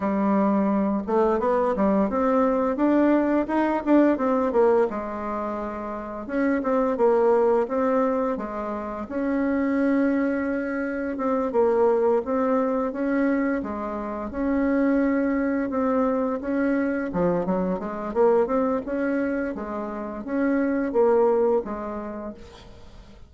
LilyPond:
\new Staff \with { instrumentName = "bassoon" } { \time 4/4 \tempo 4 = 86 g4. a8 b8 g8 c'4 | d'4 dis'8 d'8 c'8 ais8 gis4~ | gis4 cis'8 c'8 ais4 c'4 | gis4 cis'2. |
c'8 ais4 c'4 cis'4 gis8~ | gis8 cis'2 c'4 cis'8~ | cis'8 f8 fis8 gis8 ais8 c'8 cis'4 | gis4 cis'4 ais4 gis4 | }